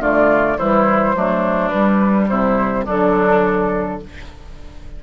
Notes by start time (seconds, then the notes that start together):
0.00 D3 A3 F4 D5
0.57 E3 G3 E4 C5
1.15 F#3 A3 D4
1.69 G3 B4
2.28 C3 E4 C5
2.85 D3 F#3 D4 A4